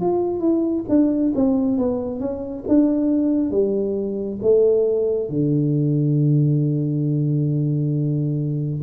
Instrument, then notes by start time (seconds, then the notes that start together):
tuba
0.00 F4
0.40 E4
0.89 D4
1.35 C4
1.78 B3
2.20 C#4
2.68 D4
3.51 G3
4.42 A3
5.29 D3